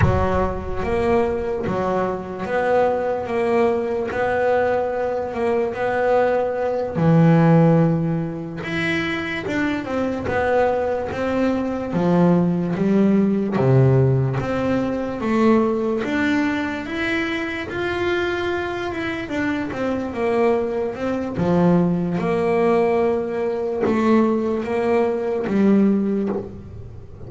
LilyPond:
\new Staff \with { instrumentName = "double bass" } { \time 4/4 \tempo 4 = 73 fis4 ais4 fis4 b4 | ais4 b4. ais8 b4~ | b8 e2 e'4 d'8 | c'8 b4 c'4 f4 g8~ |
g8 c4 c'4 a4 d'8~ | d'8 e'4 f'4. e'8 d'8 | c'8 ais4 c'8 f4 ais4~ | ais4 a4 ais4 g4 | }